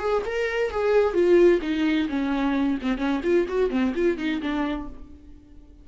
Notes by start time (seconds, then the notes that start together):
0.00 G#4
0.26 A#4
0.71 G#4
1.14 F4
1.62 D#4
2.10 C#4
2.82 C4
2.98 C#4
3.24 F4
3.49 F#4
3.71 C4
3.95 F4
4.18 D#4
4.42 D4